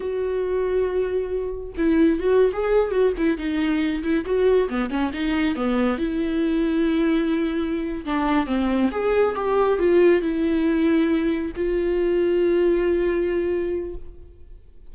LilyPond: \new Staff \with { instrumentName = "viola" } { \time 4/4 \tempo 4 = 138 fis'1 | e'4 fis'8. gis'4 fis'8 e'8 dis'16~ | dis'4~ dis'16 e'8 fis'4 b8 cis'8 dis'16~ | dis'8. b4 e'2~ e'16~ |
e'2~ e'8 d'4 c'8~ | c'8 gis'4 g'4 f'4 e'8~ | e'2~ e'8 f'4.~ | f'1 | }